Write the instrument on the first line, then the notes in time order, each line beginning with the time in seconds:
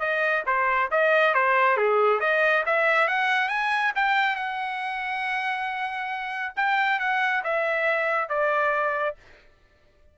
trumpet
0.00 D#5
0.46 C5
0.91 D#5
1.35 C5
1.77 G#4
2.21 D#5
2.66 E5
3.08 F#5
3.49 G#5
3.96 G5
4.36 F#5
6.56 G5
7.00 F#5
7.44 E5
8.29 D5